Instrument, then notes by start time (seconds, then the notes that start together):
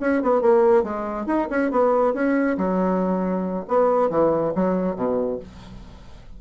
bassoon
0.00 C#4
0.22 B3
0.41 A#3
0.83 G#3
1.26 D#4
1.50 C#4
1.71 B3
2.13 C#4
2.57 F#3
3.68 B3
4.09 E3
4.55 F#3
4.96 B2